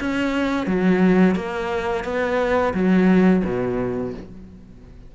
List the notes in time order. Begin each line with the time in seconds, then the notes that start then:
0.00 C#4
0.67 F#3
1.35 A#3
2.04 B3
2.74 F#3
3.44 B2